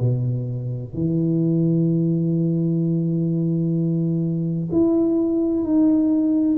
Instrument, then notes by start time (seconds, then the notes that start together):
tuba
0.00 B2
0.94 E3
4.72 E4
5.64 D#4